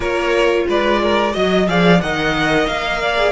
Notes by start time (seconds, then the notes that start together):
0.00 A#3 F4 A#4 C#5
0.68 G#3 B4 D5
1.02 A#4
1.32 F#3 F#4 D#5
1.68 F3 G#4 D5 F5
2.00 D#3 A#4 D#5 F#5
2.66 A#3 F5
3.01 D5
3.17 G#4